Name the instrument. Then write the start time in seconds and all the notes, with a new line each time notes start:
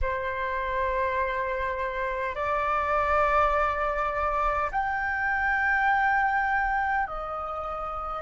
flute
0.01 C5
2.35 D5
4.71 G5
7.06 D#5